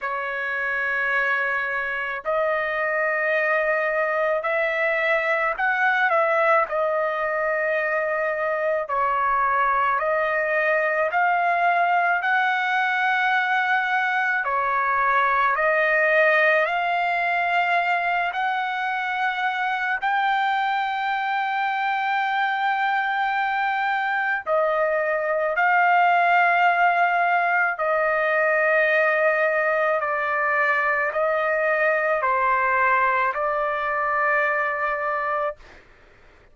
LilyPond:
\new Staff \with { instrumentName = "trumpet" } { \time 4/4 \tempo 4 = 54 cis''2 dis''2 | e''4 fis''8 e''8 dis''2 | cis''4 dis''4 f''4 fis''4~ | fis''4 cis''4 dis''4 f''4~ |
f''8 fis''4. g''2~ | g''2 dis''4 f''4~ | f''4 dis''2 d''4 | dis''4 c''4 d''2 | }